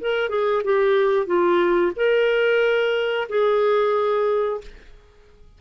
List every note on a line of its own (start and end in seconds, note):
0.00 0.29 A#4
0.29 0.62 G#4
0.64 1.26 G4
1.26 1.92 F4
1.96 3.28 A#4
3.29 4.61 G#4